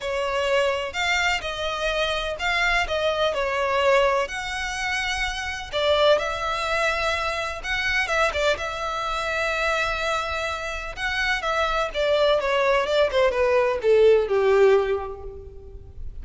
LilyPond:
\new Staff \with { instrumentName = "violin" } { \time 4/4 \tempo 4 = 126 cis''2 f''4 dis''4~ | dis''4 f''4 dis''4 cis''4~ | cis''4 fis''2. | d''4 e''2. |
fis''4 e''8 d''8 e''2~ | e''2. fis''4 | e''4 d''4 cis''4 d''8 c''8 | b'4 a'4 g'2 | }